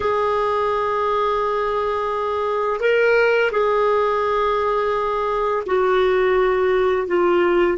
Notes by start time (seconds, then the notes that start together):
0.00 G#4
2.80 A#4
3.51 G#4
5.66 F#4
7.07 F4